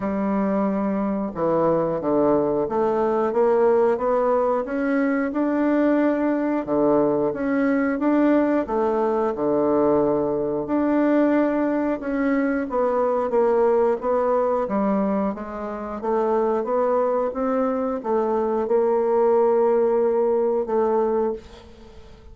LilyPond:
\new Staff \with { instrumentName = "bassoon" } { \time 4/4 \tempo 4 = 90 g2 e4 d4 | a4 ais4 b4 cis'4 | d'2 d4 cis'4 | d'4 a4 d2 |
d'2 cis'4 b4 | ais4 b4 g4 gis4 | a4 b4 c'4 a4 | ais2. a4 | }